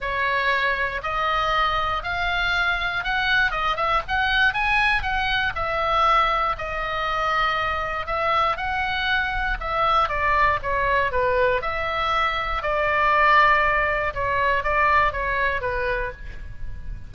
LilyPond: \new Staff \with { instrumentName = "oboe" } { \time 4/4 \tempo 4 = 119 cis''2 dis''2 | f''2 fis''4 dis''8 e''8 | fis''4 gis''4 fis''4 e''4~ | e''4 dis''2. |
e''4 fis''2 e''4 | d''4 cis''4 b'4 e''4~ | e''4 d''2. | cis''4 d''4 cis''4 b'4 | }